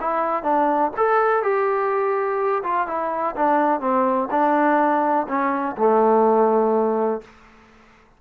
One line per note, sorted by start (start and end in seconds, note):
0.00 0.43 E4
0.43 0.91 D4
0.96 1.42 A4
1.42 2.62 G4
2.63 2.87 F4
2.87 3.35 E4
3.36 3.80 D4
3.80 4.28 C4
4.30 5.26 D4
5.28 5.76 C#4
5.77 7.21 A3